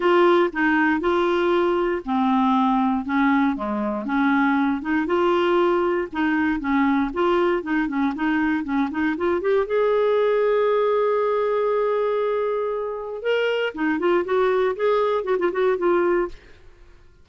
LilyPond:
\new Staff \with { instrumentName = "clarinet" } { \time 4/4 \tempo 4 = 118 f'4 dis'4 f'2 | c'2 cis'4 gis4 | cis'4. dis'8 f'2 | dis'4 cis'4 f'4 dis'8 cis'8 |
dis'4 cis'8 dis'8 f'8 g'8 gis'4~ | gis'1~ | gis'2 ais'4 dis'8 f'8 | fis'4 gis'4 fis'16 f'16 fis'8 f'4 | }